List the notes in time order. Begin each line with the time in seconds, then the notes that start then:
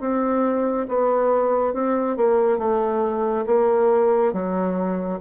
0.00 C4
0.88 B3
1.74 C4
2.17 A#3
2.58 A3
3.46 A#3
4.33 F#3